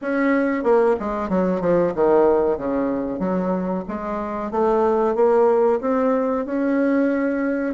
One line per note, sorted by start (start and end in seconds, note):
0.01 0.63 C#4
0.63 0.95 A#3
0.99 1.29 G#3
1.29 1.60 F#3
1.60 1.93 F3
1.94 2.57 D#3
2.57 3.19 C#3
3.19 3.84 F#3
3.88 4.51 G#3
4.51 5.15 A3
5.15 5.79 A#3
5.81 6.45 C4
6.45 7.74 C#4